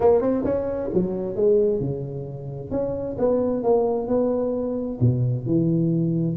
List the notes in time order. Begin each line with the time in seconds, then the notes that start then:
0.00 A#3
0.21 C4
0.44 C#4
0.93 F#3
1.35 G#3
1.80 C#3
2.70 C#4
3.18 B3
3.63 A#3
4.07 B3
5.00 B2
5.45 E3